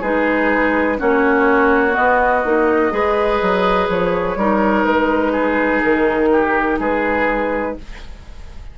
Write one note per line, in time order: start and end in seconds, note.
0.00 0.99 G#3
0.00 0.98 D#4
0.00 0.97 G#4
0.00 0.99 B4
0.98 1.97 A#3
0.98 1.91 C#4
0.98 2.93 F#4
0.98 1.94 C#5
1.91 2.40 B3
1.91 3.88 D#5
1.98 2.45 B3
2.45 2.92 A#3
2.45 2.91 D#4
2.91 3.40 G#3
2.91 4.36 G#4
2.91 4.38 B4
3.41 3.89 F#3
3.89 4.35 F3
3.89 4.84 C#5
4.35 4.83 G3
4.35 7.78 D#4
4.35 5.32 A#4
4.84 5.82 G#3
4.84 5.81 B4
5.32 6.29 G#4
5.83 6.79 D#3
5.83 6.80 A#4
6.32 6.79 G4
6.79 7.76 G#3
6.79 7.76 G#4
6.79 7.78 B4